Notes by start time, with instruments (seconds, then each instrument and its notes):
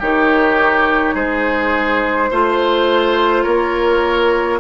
0.00 bassoon D#3, clarinet D#4, oboe G4, flute C#5
1.15 bassoon G#3, oboe G#4, flute C5
2.31 bassoon A3, clarinet F4, oboe C5
3.44 bassoon A#3, oboe A#4, flute C#5